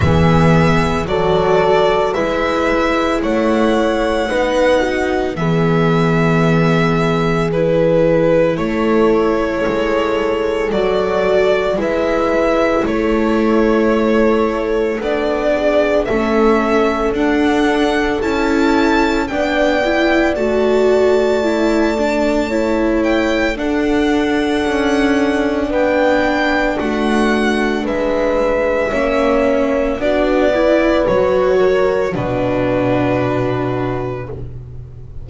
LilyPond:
<<
  \new Staff \with { instrumentName = "violin" } { \time 4/4 \tempo 4 = 56 e''4 d''4 e''4 fis''4~ | fis''4 e''2 b'4 | cis''2 d''4 e''4 | cis''2 d''4 e''4 |
fis''4 a''4 g''4 a''4~ | a''4. g''8 fis''2 | g''4 fis''4 e''2 | d''4 cis''4 b'2 | }
  \new Staff \with { instrumentName = "horn" } { \time 4/4 gis'4 a'4 b'4 cis''4 | b'8 fis'8 gis'2. | a'2. b'4 | a'2~ a'8 gis'8 a'4~ |
a'2 d''2~ | d''4 cis''4 a'2 | b'4 fis'4 b'4 cis''4 | fis'8 b'4 ais'8 fis'2 | }
  \new Staff \with { instrumentName = "viola" } { \time 4/4 b4 fis'4 e'2 | dis'4 b2 e'4~ | e'2 fis'4 e'4~ | e'2 d'4 cis'4 |
d'4 e'4 d'8 e'8 fis'4 | e'8 d'8 e'4 d'2~ | d'2. cis'4 | d'8 e'8 fis'4 d'2 | }
  \new Staff \with { instrumentName = "double bass" } { \time 4/4 e4 fis4 gis4 a4 | b4 e2. | a4 gis4 fis4 gis4 | a2 b4 a4 |
d'4 cis'4 b4 a4~ | a2 d'4 cis'4 | b4 a4 gis4 ais4 | b4 fis4 b,2 | }
>>